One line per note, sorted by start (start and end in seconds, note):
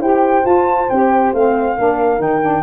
0.00 0.44 E4
0.00 0.43 G4
0.00 1.75 C5
0.00 0.46 G5
0.43 0.86 F4
0.43 0.89 F4
0.43 0.89 A5
0.89 1.33 C4
0.89 1.34 G4
0.89 1.33 G5
1.33 1.77 A3
1.33 1.78 C4
1.33 2.21 F5
1.76 2.19 A#3
1.76 2.18 D4
1.76 2.63 A#4
2.18 2.63 D#3
2.18 2.40 D#4
2.18 2.63 G5
2.41 2.63 D4